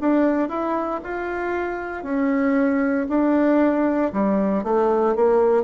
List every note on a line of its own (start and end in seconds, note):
0.00 0.48 D4
0.48 1.00 E4
1.03 2.03 F4
2.03 3.07 C#4
3.08 4.12 D4
4.12 4.64 G3
4.64 5.15 A3
5.15 5.63 A#3